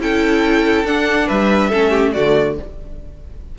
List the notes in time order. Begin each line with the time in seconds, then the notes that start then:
0.00 C#4 E4 A4 G5
0.85 D4 F#5
1.27 G3 B4 E5
1.70 A3 C#4 A4
1.90 G4
2.12 D3 A3 F#4 D5